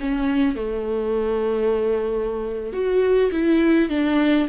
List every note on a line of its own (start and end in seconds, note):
0.00 0.56 C#4
0.56 2.73 A3
2.73 3.31 F#4
3.32 3.89 E4
3.89 4.48 D4